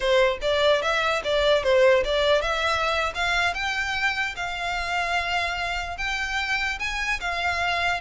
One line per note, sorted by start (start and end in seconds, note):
0.00 0.38 C5
0.41 0.82 D5
0.82 1.22 E5
1.23 1.63 D5
1.63 2.03 C5
2.04 2.41 D5
2.41 3.12 E5
3.14 3.54 F5
3.54 4.35 G5
4.35 5.97 F5
5.97 6.78 G5
6.79 7.20 G#5
7.20 8.00 F5